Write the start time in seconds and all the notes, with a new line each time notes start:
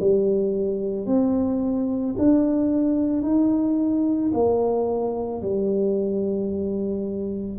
0.00 G3
1.06 C4
2.18 D4
3.23 D#4
4.34 A#3
5.42 G3